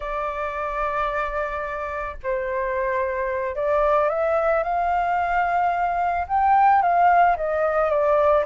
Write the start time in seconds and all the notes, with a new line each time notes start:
0.00 D5
2.23 C5
3.55 D5
4.09 E5
4.63 F5
6.27 G5
6.82 F5
7.37 D#5
7.89 D5